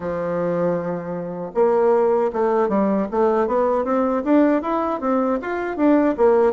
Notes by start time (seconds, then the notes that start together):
0.00 F3
1.54 A#3
2.33 A3
2.69 G3
3.11 A3
3.47 B3
3.84 C4
4.24 D4
4.62 E4
5.00 C4
5.41 F4
5.77 D4
6.17 A#3